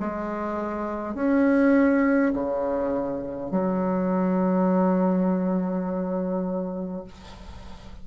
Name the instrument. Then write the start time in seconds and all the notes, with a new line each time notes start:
bassoon
0.00 G#3
1.15 C#4
2.34 C#3
3.51 F#3